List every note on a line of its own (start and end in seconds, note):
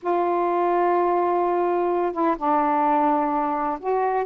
0.02 2.12 F4
2.12 2.36 E4
2.37 3.79 D4
3.80 4.25 F#4